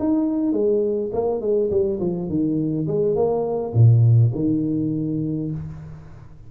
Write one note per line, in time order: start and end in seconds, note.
0.00 0.53 D#4
0.53 1.11 G#3
1.14 1.41 A#3
1.41 1.71 G#3
1.71 2.00 G3
2.00 2.29 F3
2.29 2.88 D#3
2.88 3.16 G#3
3.16 3.74 A#3
3.74 4.33 A#2
4.35 5.52 D#3